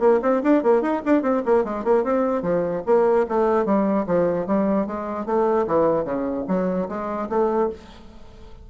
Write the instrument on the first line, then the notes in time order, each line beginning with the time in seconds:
bassoon
0.00 A#3
0.22 C4
0.43 D4
0.63 A#3
0.82 D#4
1.06 D4
1.22 C4
1.46 A#3
1.65 G#3
1.84 A#3
2.04 C4
2.42 F3
2.86 A#3
3.29 A3
3.66 G3
4.07 F3
4.47 G3
4.87 G#3
5.26 A3
5.67 E3
6.05 C#3
6.48 F#3
6.89 G#3
7.30 A3